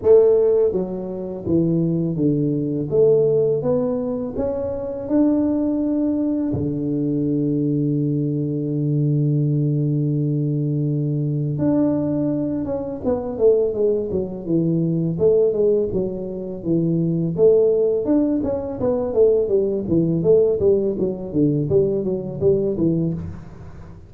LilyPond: \new Staff \with { instrumentName = "tuba" } { \time 4/4 \tempo 4 = 83 a4 fis4 e4 d4 | a4 b4 cis'4 d'4~ | d'4 d2.~ | d1 |
d'4. cis'8 b8 a8 gis8 fis8 | e4 a8 gis8 fis4 e4 | a4 d'8 cis'8 b8 a8 g8 e8 | a8 g8 fis8 d8 g8 fis8 g8 e8 | }